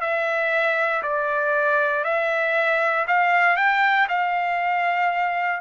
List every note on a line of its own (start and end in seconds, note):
0.00 1.02 E5
1.02 2.04 D5
2.04 3.06 E5
3.07 3.56 F5
3.56 4.07 G5
4.08 5.60 F5